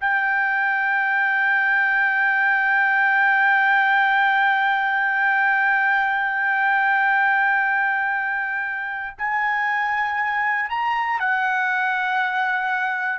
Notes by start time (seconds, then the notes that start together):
0.00 G5
9.18 G#5
10.69 A#5
11.19 F#5